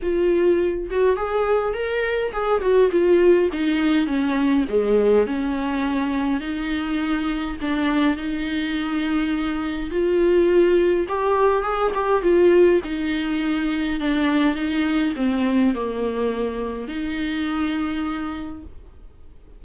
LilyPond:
\new Staff \with { instrumentName = "viola" } { \time 4/4 \tempo 4 = 103 f'4. fis'8 gis'4 ais'4 | gis'8 fis'8 f'4 dis'4 cis'4 | gis4 cis'2 dis'4~ | dis'4 d'4 dis'2~ |
dis'4 f'2 g'4 | gis'8 g'8 f'4 dis'2 | d'4 dis'4 c'4 ais4~ | ais4 dis'2. | }